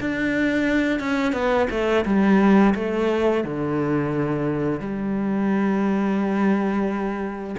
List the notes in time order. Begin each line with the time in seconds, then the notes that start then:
0.00 D4
0.99 C#4
1.32 B3
1.70 A3
2.05 G3
2.74 A3
3.43 D3
4.79 G3